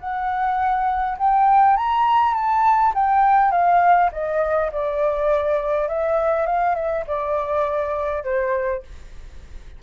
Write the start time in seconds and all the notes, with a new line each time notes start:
0.00 F#5
1.18 G5
1.77 A#5
2.34 A5
2.94 G5
3.51 F5
4.12 D#5
4.72 D5
5.88 E5
6.47 F5
6.75 E5
7.07 D5
8.24 C5